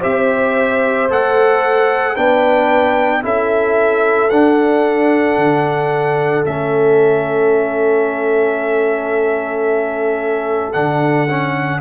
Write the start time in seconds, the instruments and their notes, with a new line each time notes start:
0.00 tuba C4, trombone G4, horn C5, trumpet E5
1.10 tuba A3, trombone A4, trumpet F#5
2.15 tuba B3, trombone D4, horn B4, trumpet G5
3.23 tuba C#4, trombone E4, horn A4, trumpet E5
4.30 tuba D4, trombone D4, trumpet F#5
5.37 tuba D3
6.44 tuba A3, trombone C#4, trumpet E5
10.73 tuba D3, trombone D4, trumpet F#5
11.29 trombone C#4